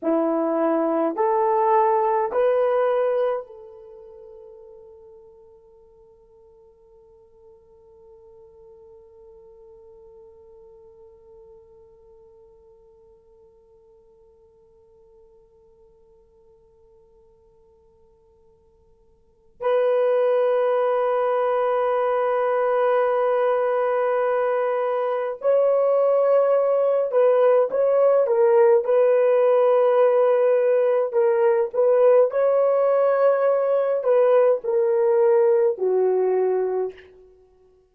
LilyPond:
\new Staff \with { instrumentName = "horn" } { \time 4/4 \tempo 4 = 52 e'4 a'4 b'4 a'4~ | a'1~ | a'1~ | a'1~ |
a'4 b'2.~ | b'2 cis''4. b'8 | cis''8 ais'8 b'2 ais'8 b'8 | cis''4. b'8 ais'4 fis'4 | }